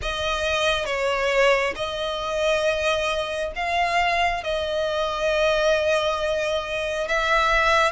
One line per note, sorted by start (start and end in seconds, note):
0.02 0.85 D#5
0.85 1.74 C#5
1.75 3.52 D#5
3.55 4.43 F5
4.43 7.08 D#5
7.08 7.91 E5